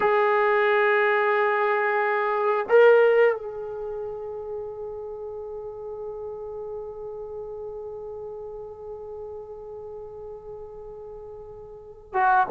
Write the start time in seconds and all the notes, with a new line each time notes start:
0.00 G#4
2.69 A#4
3.35 G#4
12.13 F#4